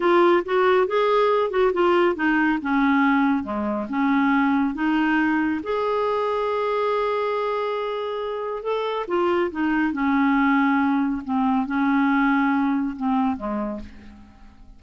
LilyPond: \new Staff \with { instrumentName = "clarinet" } { \time 4/4 \tempo 4 = 139 f'4 fis'4 gis'4. fis'8 | f'4 dis'4 cis'2 | gis4 cis'2 dis'4~ | dis'4 gis'2.~ |
gis'1 | a'4 f'4 dis'4 cis'4~ | cis'2 c'4 cis'4~ | cis'2 c'4 gis4 | }